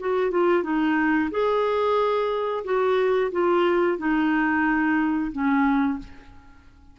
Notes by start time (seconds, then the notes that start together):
0.00 F#4
0.32 F4
0.64 D#4
1.31 G#4
2.65 F#4
3.32 F4
3.98 D#4
5.32 C#4